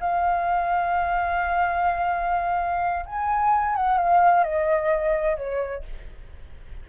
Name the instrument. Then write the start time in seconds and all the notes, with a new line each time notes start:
flute
0.00 F5
3.06 G#5
3.76 F#5
3.98 F5
4.44 D#5
5.37 C#5